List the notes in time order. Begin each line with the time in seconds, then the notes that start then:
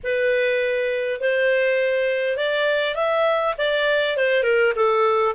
0.03 B4
1.20 C5
2.37 D5
2.95 E5
3.58 D5
4.17 C5
4.43 A#4
4.75 A4